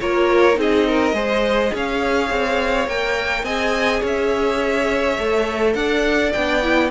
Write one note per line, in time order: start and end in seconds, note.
0.00 0.57 A#3
0.00 0.54 F4
0.00 0.59 A#4
0.00 0.58 C#5
0.54 1.13 C4
0.54 1.12 D#4
0.54 0.87 G#4
0.60 1.76 D#5
0.87 1.15 A#4
1.13 1.71 G#3
1.13 2.88 G#4
1.13 1.72 C5
1.74 2.30 C#4
1.74 3.44 C#5
1.74 2.89 F5
2.30 2.87 C4
2.87 3.43 A#3
2.87 3.46 A#4
2.87 3.44 G5
3.43 4.01 C4
3.43 5.19 G#4
3.43 4.00 D#5
3.43 4.02 G#5
4.00 5.18 C#4
4.00 5.73 C#5
4.06 5.74 E5
5.19 5.75 A3
5.19 6.34 A4
5.74 6.32 D4
5.74 6.91 D5
5.74 6.32 F#5
6.32 6.91 B3
6.32 6.62 D4
6.32 6.90 G5
6.62 6.91 E4